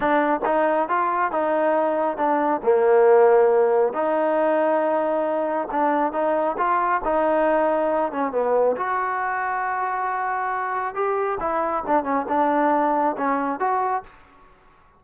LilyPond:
\new Staff \with { instrumentName = "trombone" } { \time 4/4 \tempo 4 = 137 d'4 dis'4 f'4 dis'4~ | dis'4 d'4 ais2~ | ais4 dis'2.~ | dis'4 d'4 dis'4 f'4 |
dis'2~ dis'8 cis'8 b4 | fis'1~ | fis'4 g'4 e'4 d'8 cis'8 | d'2 cis'4 fis'4 | }